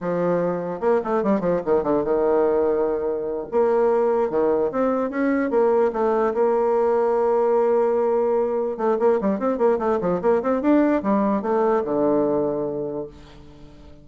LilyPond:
\new Staff \with { instrumentName = "bassoon" } { \time 4/4 \tempo 4 = 147 f2 ais8 a8 g8 f8 | dis8 d8 dis2.~ | dis8 ais2 dis4 c'8~ | c'8 cis'4 ais4 a4 ais8~ |
ais1~ | ais4. a8 ais8 g8 c'8 ais8 | a8 f8 ais8 c'8 d'4 g4 | a4 d2. | }